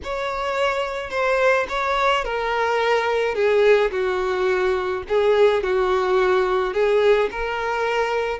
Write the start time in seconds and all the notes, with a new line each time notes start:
0.03 C#5
1.10 C5
1.68 C#5
2.24 A#4
3.34 G#4
3.91 F#4
5.08 G#4
5.63 F#4
6.73 G#4
7.30 A#4